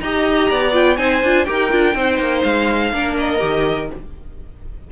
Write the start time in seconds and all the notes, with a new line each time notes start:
0.00 D#4 G4 D#5 A#5
0.50 B3 D5
0.72 F4 G5
0.97 C4 D#4 C5 G#5
1.23 D4 F4
1.45 D#4 G4 A#4 G5
1.70 D4 F4
1.95 C4 D#4 C5
2.19 A#3
2.43 G#3 F5
2.92 A#3 D4 A#4
3.18 D#5
3.39 D#3 G4